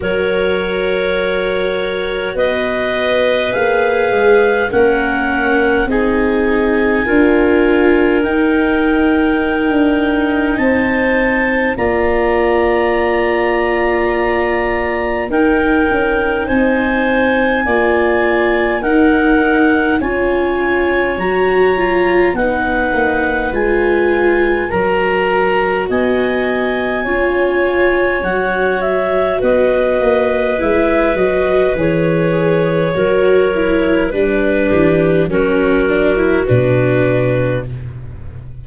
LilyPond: <<
  \new Staff \with { instrumentName = "clarinet" } { \time 4/4 \tempo 4 = 51 cis''2 dis''4 f''4 | fis''4 gis''2 g''4~ | g''4 a''4 ais''2~ | ais''4 g''4 gis''2 |
fis''4 gis''4 ais''4 fis''4 | gis''4 ais''4 gis''2 | fis''8 e''8 dis''4 e''8 dis''8 cis''4~ | cis''4 b'4 ais'4 b'4 | }
  \new Staff \with { instrumentName = "clarinet" } { \time 4/4 ais'2 b'2 | ais'4 gis'4 ais'2~ | ais'4 c''4 d''2~ | d''4 ais'4 c''4 d''4 |
ais'4 cis''2 b'4~ | b'4 ais'4 dis''4 cis''4~ | cis''4 b'2. | ais'4 b'8 g'8 fis'2 | }
  \new Staff \with { instrumentName = "viola" } { \time 4/4 fis'2. gis'4 | cis'4 dis'4 f'4 dis'4~ | dis'2 f'2~ | f'4 dis'2 f'4 |
dis'4 f'4 fis'8 f'8 dis'4 | f'4 fis'2 f'4 | fis'2 e'8 fis'8 gis'4 | fis'8 e'8 d'4 cis'8 d'16 e'16 d'4 | }
  \new Staff \with { instrumentName = "tuba" } { \time 4/4 fis2 b4 ais8 gis8 | ais4 c'4 d'4 dis'4~ | dis'16 d'8. c'4 ais2~ | ais4 dis'8 cis'8 c'4 ais4 |
dis'4 cis'4 fis4 b8 ais8 | gis4 fis4 b4 cis'4 | fis4 b8 ais8 gis8 fis8 e4 | fis4 g8 e8 fis4 b,4 | }
>>